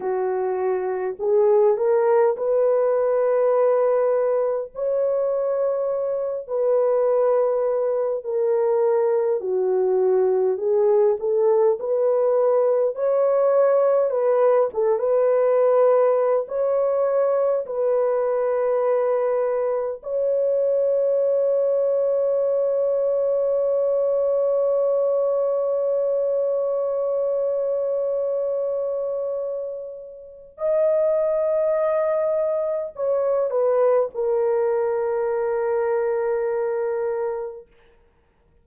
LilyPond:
\new Staff \with { instrumentName = "horn" } { \time 4/4 \tempo 4 = 51 fis'4 gis'8 ais'8 b'2 | cis''4. b'4. ais'4 | fis'4 gis'8 a'8 b'4 cis''4 | b'8 a'16 b'4~ b'16 cis''4 b'4~ |
b'4 cis''2.~ | cis''1~ | cis''2 dis''2 | cis''8 b'8 ais'2. | }